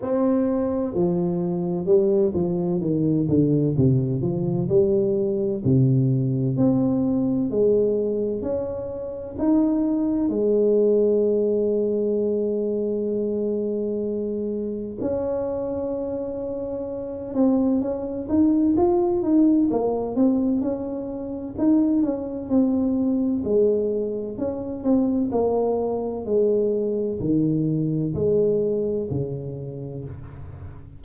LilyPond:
\new Staff \with { instrumentName = "tuba" } { \time 4/4 \tempo 4 = 64 c'4 f4 g8 f8 dis8 d8 | c8 f8 g4 c4 c'4 | gis4 cis'4 dis'4 gis4~ | gis1 |
cis'2~ cis'8 c'8 cis'8 dis'8 | f'8 dis'8 ais8 c'8 cis'4 dis'8 cis'8 | c'4 gis4 cis'8 c'8 ais4 | gis4 dis4 gis4 cis4 | }